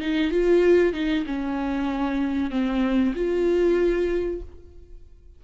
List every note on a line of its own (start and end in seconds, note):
0.00 0.31 D#4
0.31 0.93 F4
0.93 1.25 D#4
1.26 2.51 C#4
2.51 3.14 C4
3.15 4.41 F4